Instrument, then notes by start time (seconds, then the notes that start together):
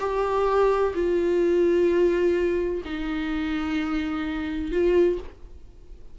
viola
0.00 G4
0.95 F4
2.85 D#4
4.72 F4